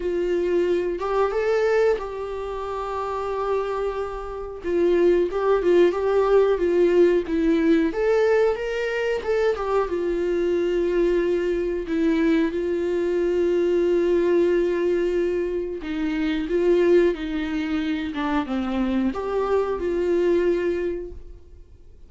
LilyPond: \new Staff \with { instrumentName = "viola" } { \time 4/4 \tempo 4 = 91 f'4. g'8 a'4 g'4~ | g'2. f'4 | g'8 f'8 g'4 f'4 e'4 | a'4 ais'4 a'8 g'8 f'4~ |
f'2 e'4 f'4~ | f'1 | dis'4 f'4 dis'4. d'8 | c'4 g'4 f'2 | }